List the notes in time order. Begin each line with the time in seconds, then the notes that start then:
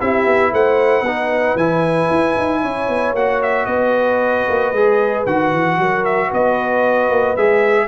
0.00 C4 E4 G4 E5
0.26 B3
0.52 A3 C5 F#5
1.02 B3 D#4
1.08 B4
1.55 E3 E4 G#5
2.10 E4
2.38 D#4
2.62 C#4 C#5
2.89 B3
3.14 A#3 F#4 F#5
3.43 E5
3.66 B3 B4 D#5
4.49 A#3
4.72 G#3 G#4
5.26 D#3 F#4 F#5
5.53 E3
5.78 F#3 A#4
6.05 E5
6.28 B3 B4
6.34 D#5
7.10 A#3
7.37 G#3 G#4 E5